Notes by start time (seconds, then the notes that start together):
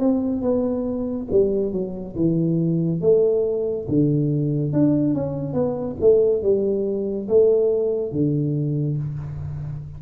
0.00 C4
0.42 B3
1.32 G3
1.73 F#3
2.16 E3
3.02 A3
3.89 D3
4.73 D4
5.15 C#4
5.54 B3
6.01 A3
6.42 G3
7.29 A3
8.12 D3